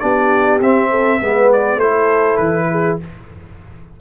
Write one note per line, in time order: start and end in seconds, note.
0.00 0.61 B3
0.00 0.60 D4
0.00 0.90 G4
0.00 0.59 D5
0.61 1.21 C4
0.61 1.22 C4
0.61 1.52 E5
0.90 1.20 A4
1.21 1.77 G#3
1.21 1.81 B3
1.21 1.77 B4
1.53 1.80 D5
1.77 2.36 A3
1.77 3.01 E4
1.77 2.66 A4
1.77 2.37 C5
2.37 2.99 E3
2.37 2.97 B4
2.71 3.00 G#4